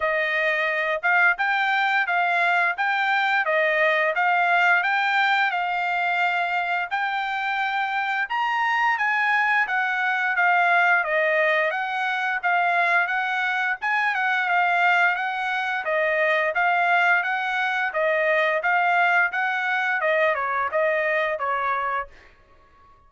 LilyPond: \new Staff \with { instrumentName = "trumpet" } { \time 4/4 \tempo 4 = 87 dis''4. f''8 g''4 f''4 | g''4 dis''4 f''4 g''4 | f''2 g''2 | ais''4 gis''4 fis''4 f''4 |
dis''4 fis''4 f''4 fis''4 | gis''8 fis''8 f''4 fis''4 dis''4 | f''4 fis''4 dis''4 f''4 | fis''4 dis''8 cis''8 dis''4 cis''4 | }